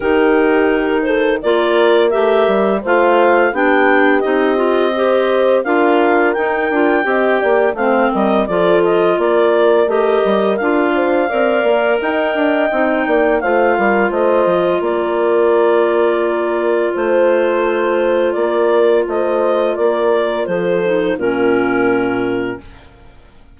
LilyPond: <<
  \new Staff \with { instrumentName = "clarinet" } { \time 4/4 \tempo 4 = 85 ais'4. c''8 d''4 e''4 | f''4 g''4 dis''2 | f''4 g''2 f''8 dis''8 | d''8 dis''8 d''4 dis''4 f''4~ |
f''4 g''2 f''4 | dis''4 d''2. | c''2 d''4 dis''4 | d''4 c''4 ais'2 | }
  \new Staff \with { instrumentName = "horn" } { \time 4/4 g'4. a'8 ais'2 | c''4 g'2 c''4 | ais'2 dis''8 d''8 c''8 ais'8 | a'4 ais'2~ ais'8 c''8 |
d''4 dis''4. d''8 c''8 ais'8 | c''4 ais'2. | c''2 ais'4 c''4 | ais'4 a'4 f'2 | }
  \new Staff \with { instrumentName = "clarinet" } { \time 4/4 dis'2 f'4 g'4 | f'4 d'4 dis'8 f'8 g'4 | f'4 dis'8 f'8 g'4 c'4 | f'2 g'4 f'4 |
ais'2 dis'4 f'4~ | f'1~ | f'1~ | f'4. dis'8 cis'2 | }
  \new Staff \with { instrumentName = "bassoon" } { \time 4/4 dis2 ais4 a8 g8 | a4 b4 c'2 | d'4 dis'8 d'8 c'8 ais8 a8 g8 | f4 ais4 a8 g8 d'4 |
c'8 ais8 dis'8 d'8 c'8 ais8 a8 g8 | a8 f8 ais2. | a2 ais4 a4 | ais4 f4 ais,2 | }
>>